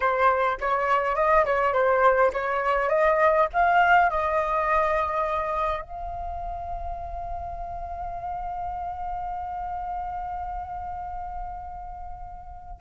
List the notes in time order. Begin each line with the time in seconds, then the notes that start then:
0.00 C5
0.60 C#5
1.15 D#5
1.45 C#5
1.73 C5
2.33 C#5
2.89 D#5
3.53 F5
4.10 D#5
5.81 F5